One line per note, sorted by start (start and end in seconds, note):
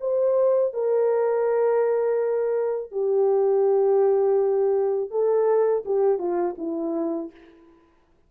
0.00 0.73 C5
0.73 2.91 A#4
2.91 5.11 G4
5.11 5.84 A4
5.85 6.18 G4
6.18 6.55 F4
6.58 7.31 E4